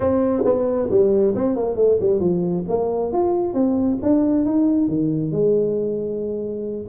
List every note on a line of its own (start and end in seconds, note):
0.00 0.43 C4
0.44 0.89 B3
0.90 1.34 G3
1.35 1.56 C4
1.56 1.75 A#3
1.75 1.98 A3
2.00 2.20 G3
2.20 2.64 F3
2.68 3.12 A#3
3.12 3.53 F4
3.53 3.98 C4
4.02 4.45 D4
4.45 4.88 D#4
4.88 5.31 D#3
5.31 6.87 G#3